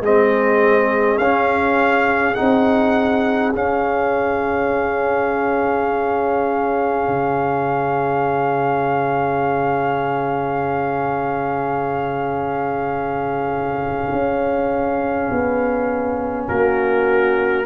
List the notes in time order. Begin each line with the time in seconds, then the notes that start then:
0.00 G#3 C4 G#4 D#5
1.17 C#4 F5
2.34 C4 D#4 F#5
3.54 C#4 F5
7.07 C#3
14.12 C#4
15.30 B3
16.48 A#3 F#4 A#4